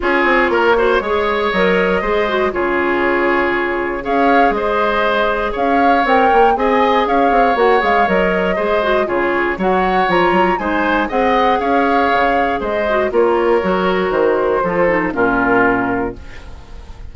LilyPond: <<
  \new Staff \with { instrumentName = "flute" } { \time 4/4 \tempo 4 = 119 cis''2. dis''4~ | dis''4 cis''2. | f''4 dis''2 f''4 | g''4 gis''4 f''4 fis''8 f''8 |
dis''2 cis''4 fis''4 | ais''4 gis''4 fis''4 f''4~ | f''4 dis''4 cis''2 | c''2 ais'2 | }
  \new Staff \with { instrumentName = "oboe" } { \time 4/4 gis'4 ais'8 c''8 cis''2 | c''4 gis'2. | cis''4 c''2 cis''4~ | cis''4 dis''4 cis''2~ |
cis''4 c''4 gis'4 cis''4~ | cis''4 c''4 dis''4 cis''4~ | cis''4 c''4 ais'2~ | ais'4 a'4 f'2 | }
  \new Staff \with { instrumentName = "clarinet" } { \time 4/4 f'4. fis'8 gis'4 ais'4 | gis'8 fis'8 f'2. | gis'1 | ais'4 gis'2 fis'8 gis'8 |
ais'4 gis'8 fis'8 f'4 fis'4 | f'4 dis'4 gis'2~ | gis'4. fis'8 f'4 fis'4~ | fis'4 f'8 dis'8 cis'2 | }
  \new Staff \with { instrumentName = "bassoon" } { \time 4/4 cis'8 c'8 ais4 gis4 fis4 | gis4 cis2. | cis'4 gis2 cis'4 | c'8 ais8 c'4 cis'8 c'8 ais8 gis8 |
fis4 gis4 cis4 fis4 | f8 fis8 gis4 c'4 cis'4 | cis4 gis4 ais4 fis4 | dis4 f4 ais,2 | }
>>